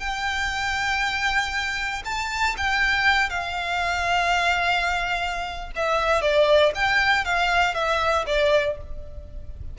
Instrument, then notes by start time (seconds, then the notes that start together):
violin
0.00 G5
2.05 A5
2.58 G5
3.30 F5
5.76 E5
6.22 D5
6.75 G5
7.25 F5
7.75 E5
8.27 D5